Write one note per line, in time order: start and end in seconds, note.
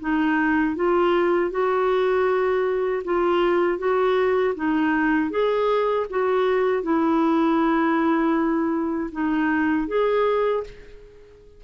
0.00 0.75 D#4
0.75 1.51 F4
1.51 3.03 F#4
3.04 3.78 F4
3.78 4.54 F#4
4.55 5.30 D#4
5.30 6.06 G#4
6.10 6.83 F#4
6.83 9.10 E4
9.12 9.87 D#4
9.87 10.63 G#4